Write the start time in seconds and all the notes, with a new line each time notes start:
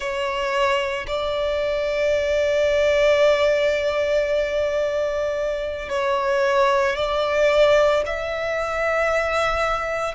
0.00 C#5
1.07 D5
5.89 C#5
6.96 D5
8.06 E5